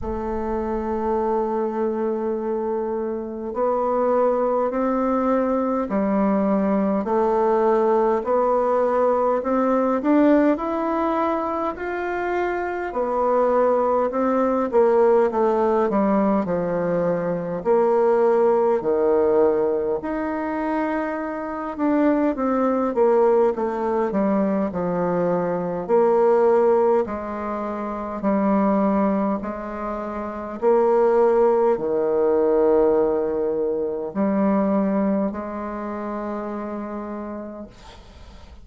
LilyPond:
\new Staff \with { instrumentName = "bassoon" } { \time 4/4 \tempo 4 = 51 a2. b4 | c'4 g4 a4 b4 | c'8 d'8 e'4 f'4 b4 | c'8 ais8 a8 g8 f4 ais4 |
dis4 dis'4. d'8 c'8 ais8 | a8 g8 f4 ais4 gis4 | g4 gis4 ais4 dis4~ | dis4 g4 gis2 | }